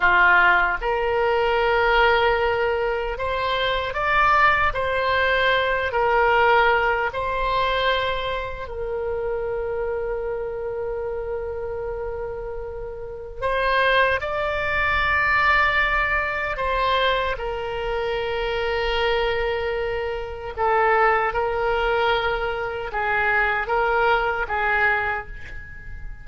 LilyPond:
\new Staff \with { instrumentName = "oboe" } { \time 4/4 \tempo 4 = 76 f'4 ais'2. | c''4 d''4 c''4. ais'8~ | ais'4 c''2 ais'4~ | ais'1~ |
ais'4 c''4 d''2~ | d''4 c''4 ais'2~ | ais'2 a'4 ais'4~ | ais'4 gis'4 ais'4 gis'4 | }